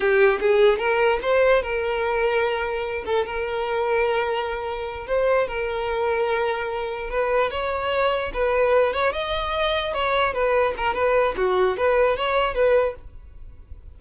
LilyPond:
\new Staff \with { instrumentName = "violin" } { \time 4/4 \tempo 4 = 148 g'4 gis'4 ais'4 c''4 | ais'2.~ ais'8 a'8 | ais'1~ | ais'8 c''4 ais'2~ ais'8~ |
ais'4. b'4 cis''4.~ | cis''8 b'4. cis''8 dis''4.~ | dis''8 cis''4 b'4 ais'8 b'4 | fis'4 b'4 cis''4 b'4 | }